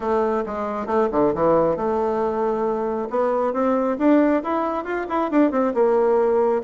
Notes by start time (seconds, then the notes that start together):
0.00 A3
0.46 G#3
0.86 A3
1.11 D3
1.34 E3
1.76 A3
3.10 B3
3.53 C4
3.98 D4
4.43 E4
4.84 F4
5.09 E4
5.30 D4
5.51 C4
5.74 A#3